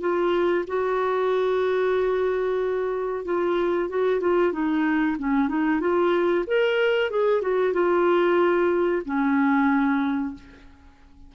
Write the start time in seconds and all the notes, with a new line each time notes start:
0.00 F4
0.67 F#4
3.25 F4
3.89 F#4
4.20 F4
4.52 D#4
5.18 C#4
5.48 D#4
5.80 F4
6.47 A#4
7.10 G#4
7.41 F#4
7.73 F4
9.05 C#4